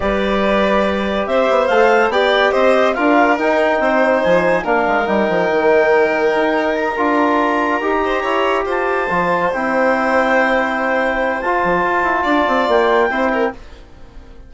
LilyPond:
<<
  \new Staff \with { instrumentName = "clarinet" } { \time 4/4 \tempo 4 = 142 d''2. e''4 | f''4 g''4 dis''4 f''4 | g''2 gis''4 f''4 | g''1 |
ais''1~ | ais''8 a''2 g''4.~ | g''2. a''4~ | a''2 g''2 | }
  \new Staff \with { instrumentName = "violin" } { \time 4/4 b'2. c''4~ | c''4 d''4 c''4 ais'4~ | ais'4 c''2 ais'4~ | ais'1~ |
ais'2. c''8 cis''8~ | cis''8 c''2.~ c''8~ | c''1~ | c''4 d''2 c''8 ais'8 | }
  \new Staff \with { instrumentName = "trombone" } { \time 4/4 g'1 | a'4 g'2 f'4 | dis'2. d'4 | dis'1~ |
dis'8 f'2 g'4.~ | g'4. f'4 e'4.~ | e'2. f'4~ | f'2. e'4 | }
  \new Staff \with { instrumentName = "bassoon" } { \time 4/4 g2. c'8 b8 | a4 b4 c'4 d'4 | dis'4 c'4 f4 ais8 gis8 | g8 f8 dis2 dis'4~ |
dis'8 d'2 dis'4 e'8~ | e'8 f'4 f4 c'4.~ | c'2. f'8 f8 | f'8 e'8 d'8 c'8 ais4 c'4 | }
>>